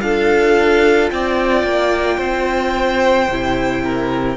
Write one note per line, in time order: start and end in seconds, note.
0.00 1.11 D4
0.00 3.27 F4
0.00 1.12 A4
0.00 1.10 F5
1.10 1.63 C4
1.10 2.17 D5
1.10 4.37 G5
1.63 2.18 A#3
2.17 3.28 C4
2.17 3.81 C5
3.28 4.37 C3
3.28 4.37 E4
3.84 4.37 A#4